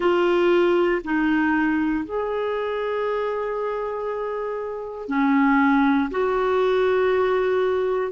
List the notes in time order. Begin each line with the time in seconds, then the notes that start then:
0.00 F4
1.04 D#4
2.04 G#4
5.08 C#4
6.10 F#4